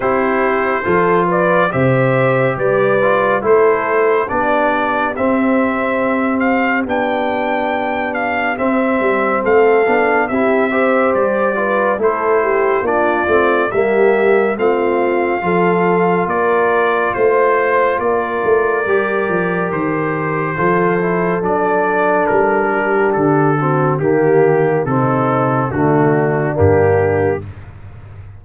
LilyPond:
<<
  \new Staff \with { instrumentName = "trumpet" } { \time 4/4 \tempo 4 = 70 c''4. d''8 e''4 d''4 | c''4 d''4 e''4. f''8 | g''4. f''8 e''4 f''4 | e''4 d''4 c''4 d''4 |
e''4 f''2 d''4 | c''4 d''2 c''4~ | c''4 d''4 ais'4 a'4 | g'4 a'4 fis'4 g'4 | }
  \new Staff \with { instrumentName = "horn" } { \time 4/4 g'4 a'8 b'8 c''4 b'4 | a'4 g'2.~ | g'2. a'4 | g'8 c''4 b'8 a'8 g'8 f'4 |
g'4 f'4 a'4 ais'4 | c''4 ais'2. | a'2~ a'8 g'4 fis'8 | g'4 dis'4 d'2 | }
  \new Staff \with { instrumentName = "trombone" } { \time 4/4 e'4 f'4 g'4. f'8 | e'4 d'4 c'2 | d'2 c'4. d'8 | e'8 g'4 f'8 e'4 d'8 c'8 |
ais4 c'4 f'2~ | f'2 g'2 | f'8 e'8 d'2~ d'8 c'8 | ais4 c'4 a4 ais4 | }
  \new Staff \with { instrumentName = "tuba" } { \time 4/4 c'4 f4 c4 g4 | a4 b4 c'2 | b2 c'8 g8 a8 b8 | c'4 g4 a4 ais8 a8 |
g4 a4 f4 ais4 | a4 ais8 a8 g8 f8 dis4 | f4 fis4 g4 d4 | dis4 c4 d4 g,4 | }
>>